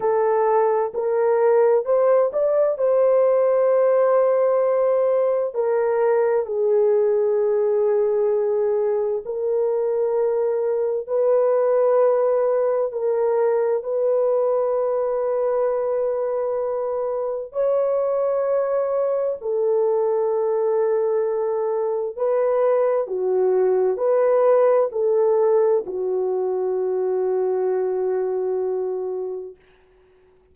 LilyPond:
\new Staff \with { instrumentName = "horn" } { \time 4/4 \tempo 4 = 65 a'4 ais'4 c''8 d''8 c''4~ | c''2 ais'4 gis'4~ | gis'2 ais'2 | b'2 ais'4 b'4~ |
b'2. cis''4~ | cis''4 a'2. | b'4 fis'4 b'4 a'4 | fis'1 | }